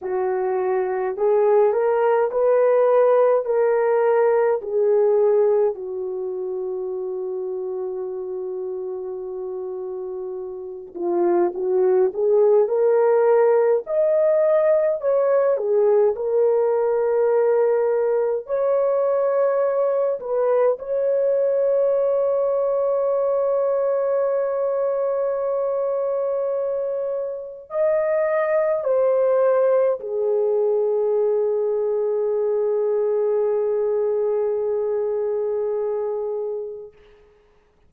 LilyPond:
\new Staff \with { instrumentName = "horn" } { \time 4/4 \tempo 4 = 52 fis'4 gis'8 ais'8 b'4 ais'4 | gis'4 fis'2.~ | fis'4. f'8 fis'8 gis'8 ais'4 | dis''4 cis''8 gis'8 ais'2 |
cis''4. b'8 cis''2~ | cis''1 | dis''4 c''4 gis'2~ | gis'1 | }